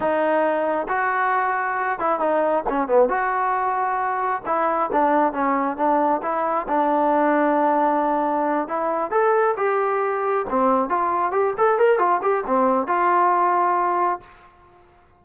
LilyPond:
\new Staff \with { instrumentName = "trombone" } { \time 4/4 \tempo 4 = 135 dis'2 fis'2~ | fis'8 e'8 dis'4 cis'8 b8 fis'4~ | fis'2 e'4 d'4 | cis'4 d'4 e'4 d'4~ |
d'2.~ d'8 e'8~ | e'8 a'4 g'2 c'8~ | c'8 f'4 g'8 a'8 ais'8 f'8 g'8 | c'4 f'2. | }